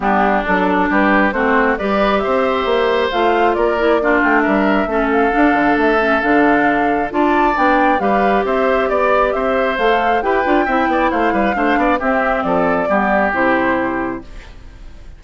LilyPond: <<
  \new Staff \with { instrumentName = "flute" } { \time 4/4 \tempo 4 = 135 g'4 a'4 b'4 c''4 | d''4 e''2 f''4 | d''4. g''8 e''4. f''8~ | f''4 e''4 f''2 |
a''4 g''4 f''4 e''4 | d''4 e''4 f''4 g''4~ | g''4 f''2 e''4 | d''2 c''2 | }
  \new Staff \with { instrumentName = "oboe" } { \time 4/4 d'2 g'4 fis'4 | b'4 c''2. | ais'4 f'4 ais'4 a'4~ | a'1 |
d''2 b'4 c''4 | d''4 c''2 b'4 | e''8 d''8 c''8 b'8 c''8 d''8 g'4 | a'4 g'2. | }
  \new Staff \with { instrumentName = "clarinet" } { \time 4/4 b4 d'2 c'4 | g'2. f'4~ | f'8 e'8 d'2 cis'4 | d'4. cis'8 d'2 |
f'4 d'4 g'2~ | g'2 a'4 g'8 f'8 | e'2 d'4 c'4~ | c'4 b4 e'2 | }
  \new Staff \with { instrumentName = "bassoon" } { \time 4/4 g4 fis4 g4 a4 | g4 c'4 ais4 a4 | ais4. a8 g4 a4 | d'8 d8 a4 d2 |
d'4 b4 g4 c'4 | b4 c'4 a4 e'8 d'8 | c'8 b8 a8 g8 a8 b8 c'4 | f4 g4 c2 | }
>>